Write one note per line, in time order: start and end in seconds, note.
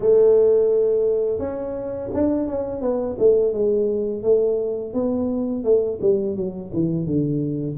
0.00 1.39 A3
1.39 2.09 C#4
2.13 2.47 D4
2.47 2.81 C#4
2.81 3.16 B3
3.18 3.53 A3
3.53 4.23 G#3
4.23 4.93 A3
4.93 5.64 B3
5.64 5.99 A3
6.01 6.36 G3
6.36 6.71 F#3
6.73 7.06 E3
7.06 7.76 D3